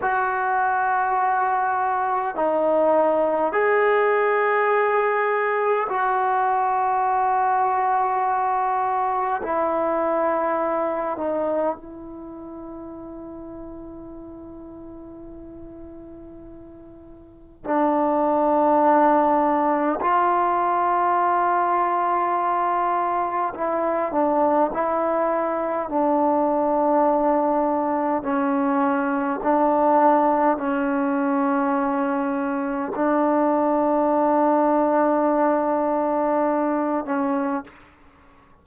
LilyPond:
\new Staff \with { instrumentName = "trombone" } { \time 4/4 \tempo 4 = 51 fis'2 dis'4 gis'4~ | gis'4 fis'2. | e'4. dis'8 e'2~ | e'2. d'4~ |
d'4 f'2. | e'8 d'8 e'4 d'2 | cis'4 d'4 cis'2 | d'2.~ d'8 cis'8 | }